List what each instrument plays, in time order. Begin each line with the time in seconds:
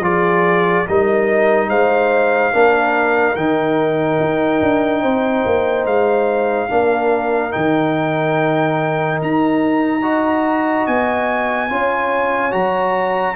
0.00 tuba F3, trombone F4, horn G#4, trumpet D5
0.88 tuba G3, trombone D#4, horn A#4, trumpet D#5
1.68 tuba G#3, horn C5, trumpet F5
2.53 tuba A#3, trombone D4, horn A#4
3.36 tuba D#3, trombone D#4, trumpet G5
4.20 tuba D#4
4.62 tuba D4
5.02 tuba C4, horn C5
5.45 tuba A#3
5.86 tuba G#3, trumpet F5
6.69 tuba A#3, trombone D4, horn A#4
7.51 tuba D#3, trombone D#4, trumpet G5
9.22 tuba D#4, trumpet A#5
10.01 trombone F#4, horn D#5
10.87 tuba B3, trumpet G#5
11.70 tuba C#4, trombone F4, horn C#5
12.51 tuba F#3, trombone F#4, trumpet A#5